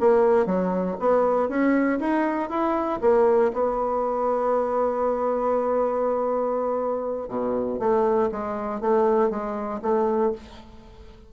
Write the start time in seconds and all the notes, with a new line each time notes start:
0.00 A#3
0.46 F#3
0.99 B3
1.49 C#4
2.00 D#4
2.49 E4
3.01 A#3
3.53 B3
7.29 B2
7.79 A3
8.32 G#3
8.81 A3
9.30 G#3
9.82 A3